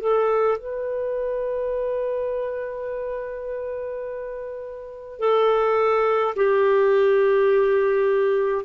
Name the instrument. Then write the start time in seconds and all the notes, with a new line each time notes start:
clarinet
0.00 A4
0.58 B4
5.19 A4
6.36 G4